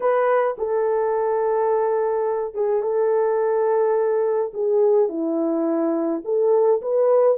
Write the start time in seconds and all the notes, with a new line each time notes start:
0.00 B4
0.58 A4
2.54 G#4
2.82 A4
4.53 G#4
5.08 E4
6.24 A4
6.81 B4